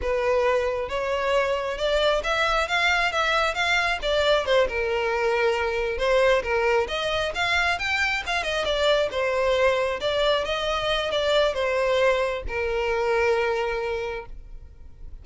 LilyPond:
\new Staff \with { instrumentName = "violin" } { \time 4/4 \tempo 4 = 135 b'2 cis''2 | d''4 e''4 f''4 e''4 | f''4 d''4 c''8 ais'4.~ | ais'4. c''4 ais'4 dis''8~ |
dis''8 f''4 g''4 f''8 dis''8 d''8~ | d''8 c''2 d''4 dis''8~ | dis''4 d''4 c''2 | ais'1 | }